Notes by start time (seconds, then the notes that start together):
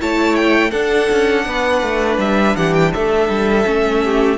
0.00 A3 E4 C#5 A5
0.36 G5
0.71 D4 A4 F#5
1.12 C#4
1.46 B3 B4
1.82 A3
2.19 G3 E5
2.57 E3 G4 F#5
2.74 G5
2.94 A3 A4 E5
3.29 G3
3.66 A3 C#4
4.04 G4